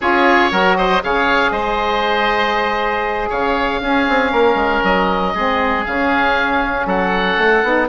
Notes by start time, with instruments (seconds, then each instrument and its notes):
0.00 bassoon C#4, saxophone F4, oboe G#4 C#5
0.50 bassoon F#3, saxophone F#4, oboe A#4
0.77 oboe C5 D#5
1.02 bassoon C#3, saxophone G#4, oboe C#5 F5
1.51 bassoon G#3, oboe C5 D#5
3.29 bassoon C#3, oboe C#5 F5
3.81 bassoon C#4, saxophone C#4, oboe G#4
4.08 bassoon C4
4.32 bassoon A#3, oboe A#4
4.54 bassoon G#3
4.83 bassoon F#3, oboe D#5
5.34 bassoon G#3, saxophone C4, oboe G#4
5.84 bassoon C#3, saxophone C#4, oboe F5
6.85 bassoon F#3, oboe A4 F#5
7.37 bassoon A3
7.63 bassoon B3, saxophone D#4